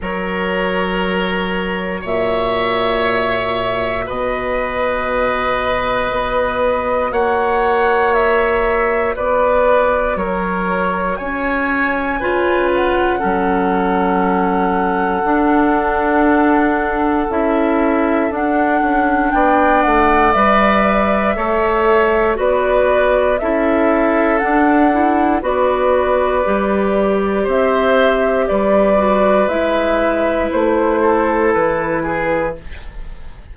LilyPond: <<
  \new Staff \with { instrumentName = "flute" } { \time 4/4 \tempo 4 = 59 cis''2 e''2 | dis''2. fis''4 | e''4 d''4 cis''4 gis''4~ | gis''8 fis''2.~ fis''8~ |
fis''4 e''4 fis''4 g''8 fis''8 | e''2 d''4 e''4 | fis''4 d''2 e''4 | d''4 e''4 c''4 b'4 | }
  \new Staff \with { instrumentName = "oboe" } { \time 4/4 ais'2 cis''2 | b'2. cis''4~ | cis''4 b'4 ais'4 cis''4 | b'4 a'2.~ |
a'2. d''4~ | d''4 cis''4 b'4 a'4~ | a'4 b'2 c''4 | b'2~ b'8 a'4 gis'8 | }
  \new Staff \with { instrumentName = "clarinet" } { \time 4/4 fis'1~ | fis'1~ | fis'1 | f'4 cis'2 d'4~ |
d'4 e'4 d'2 | b'4 a'4 fis'4 e'4 | d'8 e'8 fis'4 g'2~ | g'8 fis'8 e'2. | }
  \new Staff \with { instrumentName = "bassoon" } { \time 4/4 fis2 ais,2 | b,2 b4 ais4~ | ais4 b4 fis4 cis'4 | cis4 fis2 d'4~ |
d'4 cis'4 d'8 cis'8 b8 a8 | g4 a4 b4 cis'4 | d'4 b4 g4 c'4 | g4 gis4 a4 e4 | }
>>